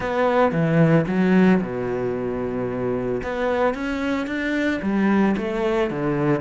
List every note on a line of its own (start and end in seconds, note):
0.00 0.52 B3
0.52 1.05 E3
1.07 1.60 F#3
1.61 3.21 B2
3.23 3.74 B3
3.74 4.26 C#4
4.26 4.80 D4
4.81 5.35 G3
5.37 5.90 A3
5.90 6.40 D3